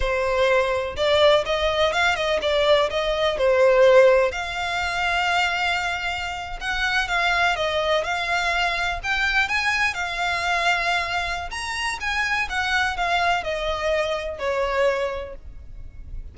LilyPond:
\new Staff \with { instrumentName = "violin" } { \time 4/4 \tempo 4 = 125 c''2 d''4 dis''4 | f''8 dis''8 d''4 dis''4 c''4~ | c''4 f''2.~ | f''4.~ f''16 fis''4 f''4 dis''16~ |
dis''8. f''2 g''4 gis''16~ | gis''8. f''2.~ f''16 | ais''4 gis''4 fis''4 f''4 | dis''2 cis''2 | }